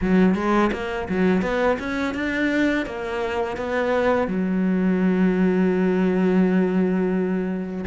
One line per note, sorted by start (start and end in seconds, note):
0.01 0.34 F#3
0.34 0.70 G#3
0.72 1.07 A#3
1.08 1.42 F#3
1.42 1.77 B3
1.79 2.14 C#4
2.14 2.85 D4
2.86 3.56 A#3
3.56 4.27 B3
4.27 7.84 F#3